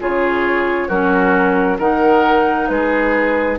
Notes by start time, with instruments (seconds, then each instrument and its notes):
0.00 bassoon C#3, clarinet F4, oboe G#4, flute C#5
0.88 bassoon F#3, clarinet C#4, oboe F#4, flute A#4
1.79 bassoon D#3, clarinet D#4, oboe A#4, flute F#5
2.69 bassoon G#3, oboe G#4, flute B4